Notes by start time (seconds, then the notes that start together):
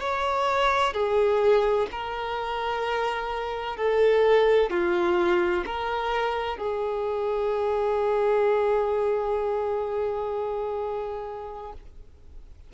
0.00 C#5
0.93 G#4
1.92 A#4
3.77 A4
4.70 F4
5.66 A#4
6.58 G#4